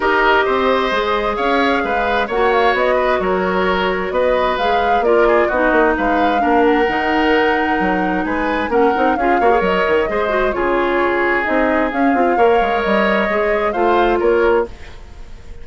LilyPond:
<<
  \new Staff \with { instrumentName = "flute" } { \time 4/4 \tempo 4 = 131 dis''2. f''4~ | f''4 fis''8 f''8 dis''4 cis''4~ | cis''4 dis''4 f''4 d''4 | dis''4 f''4. fis''4.~ |
fis''2 gis''4 fis''4 | f''4 dis''2 cis''4~ | cis''4 dis''4 f''2 | dis''2 f''4 cis''4 | }
  \new Staff \with { instrumentName = "oboe" } { \time 4/4 ais'4 c''2 cis''4 | b'4 cis''4. b'8 ais'4~ | ais'4 b'2 ais'8 gis'8 | fis'4 b'4 ais'2~ |
ais'2 b'4 ais'4 | gis'8 cis''4. c''4 gis'4~ | gis'2. cis''4~ | cis''2 c''4 ais'4 | }
  \new Staff \with { instrumentName = "clarinet" } { \time 4/4 g'2 gis'2~ | gis'4 fis'2.~ | fis'2 gis'4 f'4 | dis'2 d'4 dis'4~ |
dis'2. cis'8 dis'8 | f'8 fis'16 gis'16 ais'4 gis'8 fis'8 f'4~ | f'4 dis'4 cis'8 f'8 ais'4~ | ais'4 gis'4 f'2 | }
  \new Staff \with { instrumentName = "bassoon" } { \time 4/4 dis'4 c'4 gis4 cis'4 | gis4 ais4 b4 fis4~ | fis4 b4 gis4 ais4 | b8 ais8 gis4 ais4 dis4~ |
dis4 fis4 gis4 ais8 c'8 | cis'8 ais8 fis8 dis8 gis4 cis4~ | cis4 c'4 cis'8 c'8 ais8 gis8 | g4 gis4 a4 ais4 | }
>>